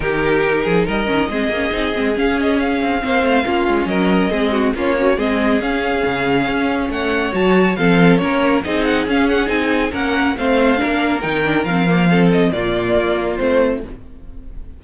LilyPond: <<
  \new Staff \with { instrumentName = "violin" } { \time 4/4 \tempo 4 = 139 ais'2 dis''2~ | dis''4 f''8 dis''8 f''2~ | f''4 dis''2 cis''4 | dis''4 f''2. |
fis''4 a''4 f''4 cis''4 | dis''8 fis''8 f''8 fis''8 gis''4 fis''4 | f''2 g''4 f''4~ | f''8 dis''8 d''2 c''4 | }
  \new Staff \with { instrumentName = "violin" } { \time 4/4 g'4. gis'8 ais'4 gis'4~ | gis'2. c''4 | f'4 ais'4 gis'8 fis'8 f'8 cis'8 | gis'1 |
cis''2 a'4 ais'4 | gis'2. ais'4 | c''4 ais'2. | a'4 f'2. | }
  \new Staff \with { instrumentName = "viola" } { \time 4/4 dis'2~ dis'8 cis'8 c'8 cis'8 | dis'8 c'8 cis'2 c'4 | cis'2 c'4 cis'8 fis'8 | c'4 cis'2.~ |
cis'4 fis'4 c'4 cis'4 | dis'4 cis'4 dis'4 cis'4 | c'4 d'4 dis'8 d'8 c'8 ais8 | c'4 ais2 c'4 | }
  \new Staff \with { instrumentName = "cello" } { \time 4/4 dis4. f8 g8 dis8 gis8 ais8 | c'8 gis8 cis'4. c'8 ais8 a8 | ais8 gis8 fis4 gis4 ais4 | gis4 cis'4 cis4 cis'4 |
a4 fis4 f4 ais4 | c'4 cis'4 c'4 ais4 | a4 ais4 dis4 f4~ | f4 ais,4 ais4 a4 | }
>>